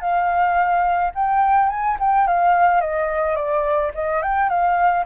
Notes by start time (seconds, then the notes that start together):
0.00 F5
1.14 G5
1.69 G#5
1.99 G5
2.27 F5
2.81 D#5
3.35 D5
3.94 D#5
4.22 G5
4.49 F5